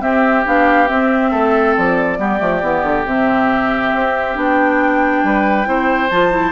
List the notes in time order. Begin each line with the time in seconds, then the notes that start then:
0.00 C4 G4 E5
0.45 B3 D4 F5
0.87 C4 E5
1.31 A3 A4
1.77 F3 D5
2.18 G3 B3 G4
2.39 F3 A3
2.62 E3 B3
2.83 D3
3.05 C3 C4 E5
3.94 C4
4.34 B3 D4 G5
5.23 G3 B4
5.65 C4 E4 C5
6.10 F3 F4 A5
6.31 E4